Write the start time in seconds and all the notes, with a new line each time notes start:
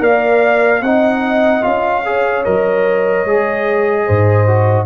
0.00 A#3 A#4 D5 F5
0.81 C4 D#4 D#5 F#5
1.61 C#4 F4 F5
2.05 G#4 C#5
2.44 F#3 A#4 D#5
3.25 G#3 G#4
4.06 G#2 C5
4.47 F#4